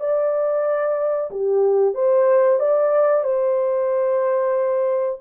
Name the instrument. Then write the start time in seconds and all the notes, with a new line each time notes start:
horn
0.00 D5
1.31 G4
1.94 C5
2.60 D5
3.24 C5